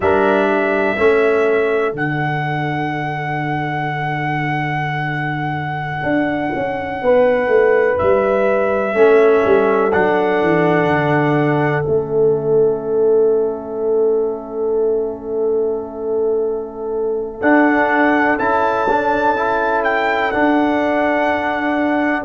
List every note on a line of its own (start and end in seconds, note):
0.00 0.96 G3
0.00 0.97 D4
0.00 0.47 A#4
0.00 1.94 E5
0.47 7.01 A4
0.97 1.93 A3
0.97 1.93 C#4
1.93 6.02 D3
1.93 8.95 D4
1.93 7.98 F#5
6.02 6.51 D4
6.54 7.01 C#4
7.01 7.47 B3
7.01 8.97 B4
7.47 7.96 A3
7.98 8.93 G3
7.98 9.92 E5
8.93 9.42 A3
8.93 9.91 C#4
8.93 22.24 A4
9.44 9.93 G3
9.92 10.42 F#3
9.92 11.82 D4
9.92 11.83 F#5
10.42 10.85 E3
10.85 11.82 D3
11.82 17.41 A3
11.82 17.39 C#4
11.82 17.39 E5
17.41 18.38 D4
17.41 18.38 F#5
18.39 20.32 C#4
18.39 18.87 E4
18.39 19.83 A5
18.89 19.36 D4
19.36 20.32 E4
19.83 20.31 G5
20.31 22.24 D4
20.31 22.24 F#5